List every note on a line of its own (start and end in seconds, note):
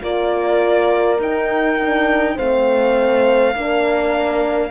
0.00 1.18 A#3
0.00 1.18 F4
0.00 2.36 A#4
0.00 1.20 D5
1.18 2.36 D#4
1.18 1.79 D#4
1.18 2.37 G5
1.80 2.36 D4
2.36 3.54 A3
2.36 3.54 C4
2.36 3.53 C5
2.36 4.71 F5
3.54 4.71 A#3
3.54 4.71 D4
3.54 4.71 A#4